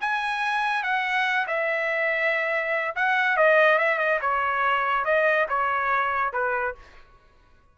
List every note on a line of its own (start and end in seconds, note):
0.00 0.83 G#5
0.83 1.46 F#5
1.47 2.95 E5
2.95 3.36 F#5
3.36 3.78 D#5
3.78 3.98 E5
3.98 4.19 D#5
4.21 5.04 C#5
5.04 5.46 D#5
5.49 6.32 C#5
6.32 6.75 B4